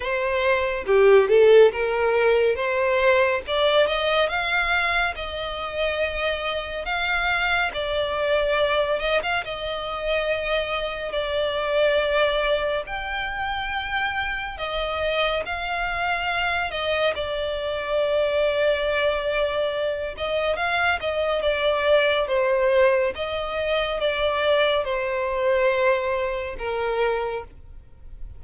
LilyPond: \new Staff \with { instrumentName = "violin" } { \time 4/4 \tempo 4 = 70 c''4 g'8 a'8 ais'4 c''4 | d''8 dis''8 f''4 dis''2 | f''4 d''4. dis''16 f''16 dis''4~ | dis''4 d''2 g''4~ |
g''4 dis''4 f''4. dis''8 | d''2.~ d''8 dis''8 | f''8 dis''8 d''4 c''4 dis''4 | d''4 c''2 ais'4 | }